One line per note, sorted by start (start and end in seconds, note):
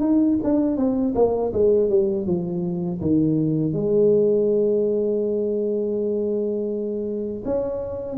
0.00 0.37 D#4
0.43 0.77 D4
0.77 1.14 C4
1.15 1.52 A#3
1.53 1.89 G#3
1.89 2.26 G3
2.26 3.00 F3
3.01 3.73 D#3
3.73 7.43 G#3
7.45 8.17 C#4